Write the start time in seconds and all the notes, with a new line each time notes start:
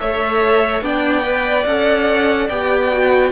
0.00 A3 A4 C#5 E5
0.82 B3 D4 D5 G5
1.24 B4
1.65 C#4 A4 F#5
2.49 B3 G4 G5
2.91 F#4